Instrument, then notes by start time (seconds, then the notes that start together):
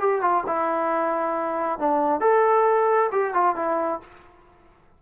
trombone
0.00 G4
0.22 F4
0.47 E4
1.79 D4
2.21 A4
3.12 G4
3.34 F4
3.56 E4